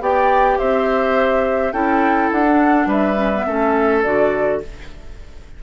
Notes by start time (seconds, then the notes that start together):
0.00 B3 G4 D5 G5
0.58 C4 C5 E5
1.72 C#4 E4 A4 G5
2.32 D4 F#5
2.48 D4
2.86 G3 B4 E5
3.16 C#4
3.34 B3
3.47 A3 C#4 A4
4.03 D3 F#4 D5